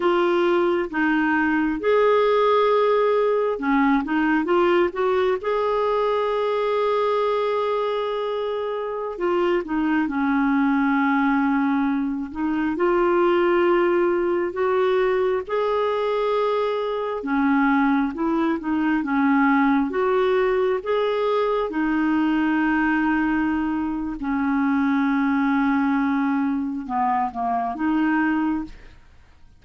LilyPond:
\new Staff \with { instrumentName = "clarinet" } { \time 4/4 \tempo 4 = 67 f'4 dis'4 gis'2 | cis'8 dis'8 f'8 fis'8 gis'2~ | gis'2~ gis'16 f'8 dis'8 cis'8.~ | cis'4.~ cis'16 dis'8 f'4.~ f'16~ |
f'16 fis'4 gis'2 cis'8.~ | cis'16 e'8 dis'8 cis'4 fis'4 gis'8.~ | gis'16 dis'2~ dis'8. cis'4~ | cis'2 b8 ais8 dis'4 | }